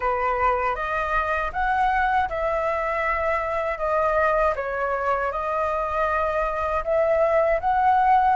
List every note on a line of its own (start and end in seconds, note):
0.00 0.75 B4
0.75 1.51 D#5
1.52 2.28 F#5
2.29 3.78 E5
3.78 4.54 D#5
4.55 5.31 C#5
5.31 6.83 D#5
6.84 7.59 E5
7.60 8.36 F#5